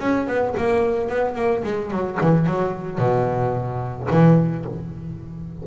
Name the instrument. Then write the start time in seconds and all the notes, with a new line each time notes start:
double bass
0.00 C#4
0.28 B3
0.58 A#3
1.09 B3
1.36 A#3
1.64 G#3
1.91 F#3
2.21 E3
2.47 F#3
2.99 B2
4.11 E3